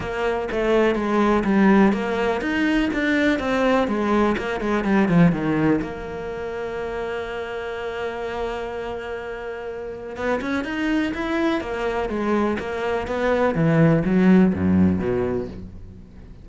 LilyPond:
\new Staff \with { instrumentName = "cello" } { \time 4/4 \tempo 4 = 124 ais4 a4 gis4 g4 | ais4 dis'4 d'4 c'4 | gis4 ais8 gis8 g8 f8 dis4 | ais1~ |
ais1~ | ais4 b8 cis'8 dis'4 e'4 | ais4 gis4 ais4 b4 | e4 fis4 fis,4 b,4 | }